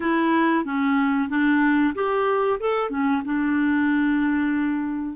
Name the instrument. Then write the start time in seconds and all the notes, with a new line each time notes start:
clarinet
0.00 E4
0.64 C#4
1.29 D4
1.94 G4
2.60 A4
2.90 C#4
3.24 D4